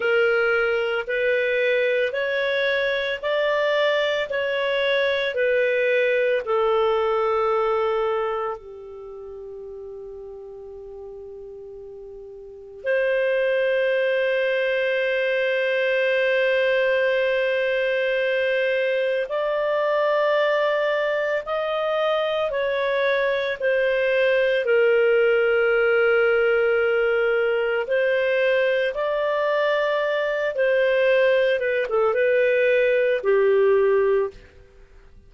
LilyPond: \new Staff \with { instrumentName = "clarinet" } { \time 4/4 \tempo 4 = 56 ais'4 b'4 cis''4 d''4 | cis''4 b'4 a'2 | g'1 | c''1~ |
c''2 d''2 | dis''4 cis''4 c''4 ais'4~ | ais'2 c''4 d''4~ | d''8 c''4 b'16 a'16 b'4 g'4 | }